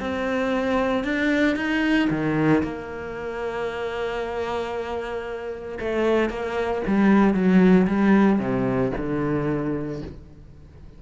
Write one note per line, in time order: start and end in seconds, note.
0.00 1.04 C4
1.04 1.56 D4
1.56 2.09 D#4
2.10 2.63 D#3
2.63 5.79 A#3
5.80 6.30 A3
6.30 6.82 A#3
6.88 7.34 G3
7.34 7.87 F#3
7.88 8.39 G3
8.39 8.92 C3
8.97 10.02 D3